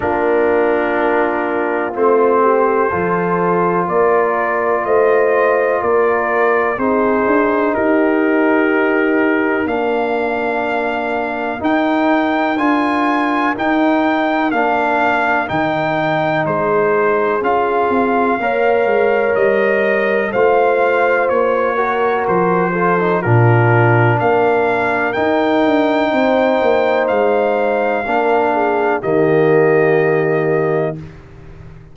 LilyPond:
<<
  \new Staff \with { instrumentName = "trumpet" } { \time 4/4 \tempo 4 = 62 ais'2 c''2 | d''4 dis''4 d''4 c''4 | ais'2 f''2 | g''4 gis''4 g''4 f''4 |
g''4 c''4 f''2 | dis''4 f''4 cis''4 c''4 | ais'4 f''4 g''2 | f''2 dis''2 | }
  \new Staff \with { instrumentName = "horn" } { \time 4/4 f'2~ f'8 g'8 a'4 | ais'4 c''4 ais'4 gis'4 | g'2 ais'2~ | ais'1~ |
ais'4 gis'2 cis''4~ | cis''4 c''4. ais'4 a'8 | f'4 ais'2 c''4~ | c''4 ais'8 gis'8 g'2 | }
  \new Staff \with { instrumentName = "trombone" } { \time 4/4 d'2 c'4 f'4~ | f'2. dis'4~ | dis'2 d'2 | dis'4 f'4 dis'4 d'4 |
dis'2 f'4 ais'4~ | ais'4 f'4. fis'4 f'16 dis'16 | d'2 dis'2~ | dis'4 d'4 ais2 | }
  \new Staff \with { instrumentName = "tuba" } { \time 4/4 ais2 a4 f4 | ais4 a4 ais4 c'8 d'8 | dis'2 ais2 | dis'4 d'4 dis'4 ais4 |
dis4 gis4 cis'8 c'8 ais8 gis8 | g4 a4 ais4 f4 | ais,4 ais4 dis'8 d'8 c'8 ais8 | gis4 ais4 dis2 | }
>>